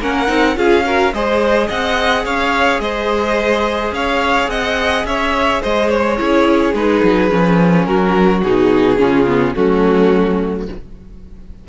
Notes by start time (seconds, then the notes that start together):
0.00 A#3 C#4 A#4 F#5
0.27 C4 D#4
0.55 C#4 F4 G#4 F5
0.85 F#4 A#4
1.13 G#3 G#4 C5 D#5
1.67 C4 D#5 F#5
2.25 C#4 C#5 F5
2.79 G#3 C5 D#5
3.91 C#4 C#5 F5
4.47 C4 D#5 F#5
5.04 C#4 C#5 E5
5.61 G#3 C5 D#5
5.89 C#5
6.17 C#4 E4 G#4
6.73 G#3 D#4 B4
7.03 F#3
7.29 F3 C#4
7.84 F#3 F#4 A#4
8.42 B2 D#4 G#4
8.97 C#3 C#4 F4
9.27 B3
9.54 F#3 A3 C#4 F#4